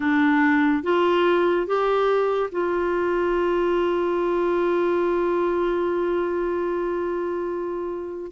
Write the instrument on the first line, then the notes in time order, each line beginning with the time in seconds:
clarinet
0.00 D4
0.83 F4
1.66 G4
2.51 F4